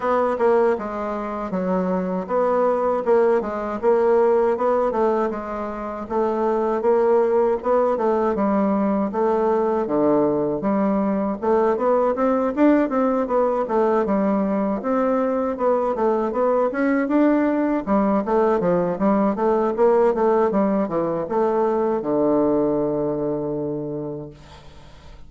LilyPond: \new Staff \with { instrumentName = "bassoon" } { \time 4/4 \tempo 4 = 79 b8 ais8 gis4 fis4 b4 | ais8 gis8 ais4 b8 a8 gis4 | a4 ais4 b8 a8 g4 | a4 d4 g4 a8 b8 |
c'8 d'8 c'8 b8 a8 g4 c'8~ | c'8 b8 a8 b8 cis'8 d'4 g8 | a8 f8 g8 a8 ais8 a8 g8 e8 | a4 d2. | }